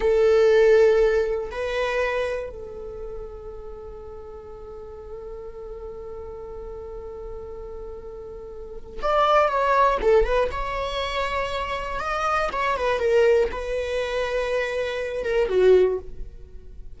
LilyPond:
\new Staff \with { instrumentName = "viola" } { \time 4/4 \tempo 4 = 120 a'2. b'4~ | b'4 a'2.~ | a'1~ | a'1~ |
a'2 d''4 cis''4 | a'8 b'8 cis''2. | dis''4 cis''8 b'8 ais'4 b'4~ | b'2~ b'8 ais'8 fis'4 | }